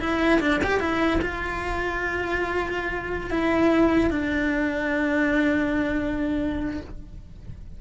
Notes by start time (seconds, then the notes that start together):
0.00 E4
0.40 D4
0.63 G4
0.80 E4
1.21 F4
3.30 E4
4.10 D4